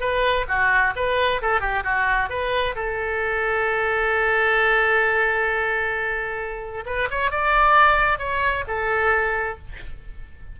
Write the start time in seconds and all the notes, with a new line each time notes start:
0.00 B4
0.48 F#4
0.96 B4
1.42 A4
1.60 G4
1.84 F#4
2.29 B4
2.75 A4
6.86 B4
7.10 C#5
7.31 D5
8.18 C#5
8.67 A4